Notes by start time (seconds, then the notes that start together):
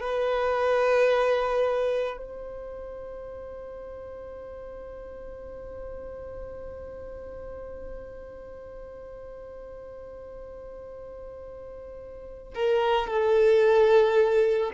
0.00 B4
2.18 C5
12.55 A#4
13.08 A4